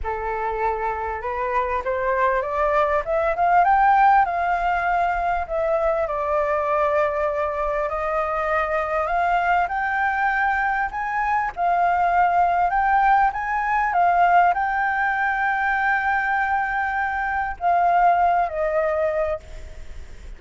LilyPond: \new Staff \with { instrumentName = "flute" } { \time 4/4 \tempo 4 = 99 a'2 b'4 c''4 | d''4 e''8 f''8 g''4 f''4~ | f''4 e''4 d''2~ | d''4 dis''2 f''4 |
g''2 gis''4 f''4~ | f''4 g''4 gis''4 f''4 | g''1~ | g''4 f''4. dis''4. | }